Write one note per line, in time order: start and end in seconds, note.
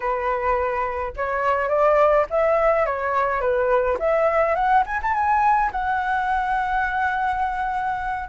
0.00 1.13 B4
1.16 1.68 C#5
1.68 2.25 D5
2.30 2.86 E5
2.86 3.40 C#5
3.40 3.97 B4
3.99 4.55 E5
4.55 4.83 F#5
4.86 5.00 G#5
5.02 5.14 A5
5.14 5.71 G#5
5.71 8.28 F#5